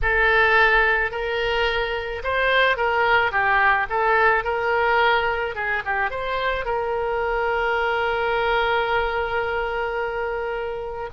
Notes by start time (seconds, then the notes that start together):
0.02 A4
1.11 A#4
2.23 C5
2.76 A#4
3.31 G4
3.89 A4
4.43 A#4
5.55 G#4
5.85 G4
6.10 C5
6.65 A#4